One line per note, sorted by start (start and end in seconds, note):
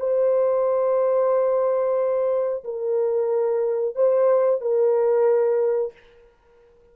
0.00 2.64 C5
2.64 3.96 A#4
3.96 4.61 C5
4.61 5.93 A#4